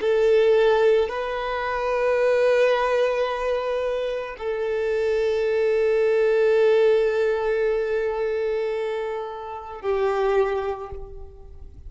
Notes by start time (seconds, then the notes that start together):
0.00 A4
1.09 B4
4.37 A4
9.81 G4